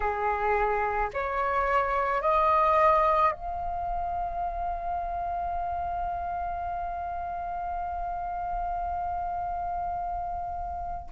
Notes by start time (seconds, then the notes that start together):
0.00 G#4
1.13 C#5
2.21 D#5
3.31 F5